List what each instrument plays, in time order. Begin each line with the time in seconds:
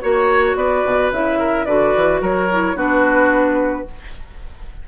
0.00 bassoon A#3, clarinet F#4, flute C#5, oboe C#5
0.56 bassoon B3, oboe B4, flute D5
0.86 bassoon B2
1.12 bassoon C#3, clarinet E4, flute E5
1.39 oboe A#4
1.66 bassoon D3, clarinet F#4, oboe B4, flute D5
1.97 bassoon E3
2.21 bassoon F#3, oboe A#4, flute C#5
2.52 clarinet E4
2.76 bassoon B3, clarinet D4, oboe F#4, flute B4